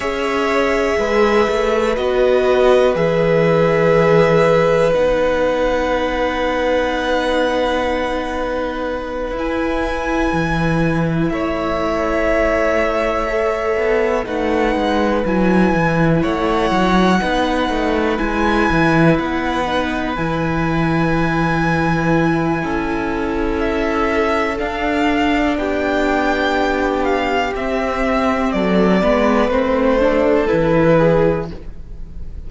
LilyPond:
<<
  \new Staff \with { instrumentName = "violin" } { \time 4/4 \tempo 4 = 61 e''2 dis''4 e''4~ | e''4 fis''2.~ | fis''4. gis''2 e''8~ | e''2~ e''8 fis''4 gis''8~ |
gis''8 fis''2 gis''4 fis''8~ | fis''8 gis''2.~ gis''8 | e''4 f''4 g''4. f''8 | e''4 d''4 c''4 b'4 | }
  \new Staff \with { instrumentName = "violin" } { \time 4/4 cis''4 b'2.~ | b'1~ | b'2.~ b'8 cis''8~ | cis''2~ cis''8 b'4.~ |
b'8 cis''4 b'2~ b'8~ | b'2. a'4~ | a'2 g'2~ | g'4 a'8 b'4 a'4 gis'8 | }
  \new Staff \with { instrumentName = "viola" } { \time 4/4 gis'2 fis'4 gis'4~ | gis'4 dis'2.~ | dis'4. e'2~ e'8~ | e'4. a'4 dis'4 e'8~ |
e'4. dis'4 e'4. | dis'8 e'2.~ e'8~ | e'4 d'2. | c'4. b8 c'8 d'8 e'4 | }
  \new Staff \with { instrumentName = "cello" } { \time 4/4 cis'4 gis8 a8 b4 e4~ | e4 b2.~ | b4. e'4 e4 a8~ | a2 b8 a8 gis8 fis8 |
e8 a8 fis8 b8 a8 gis8 e8 b8~ | b8 e2~ e8 cis'4~ | cis'4 d'4 b2 | c'4 fis8 gis8 a4 e4 | }
>>